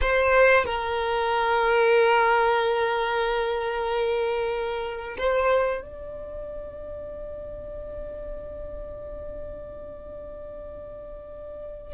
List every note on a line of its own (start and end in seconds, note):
0.01 0.65 C5
0.65 5.16 A#4
5.17 5.82 C5
5.82 11.93 D5